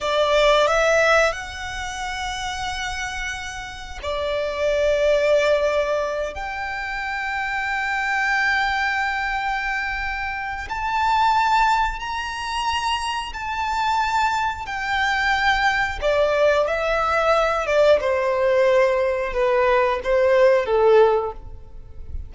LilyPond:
\new Staff \with { instrumentName = "violin" } { \time 4/4 \tempo 4 = 90 d''4 e''4 fis''2~ | fis''2 d''2~ | d''4. g''2~ g''8~ | g''1 |
a''2 ais''2 | a''2 g''2 | d''4 e''4. d''8 c''4~ | c''4 b'4 c''4 a'4 | }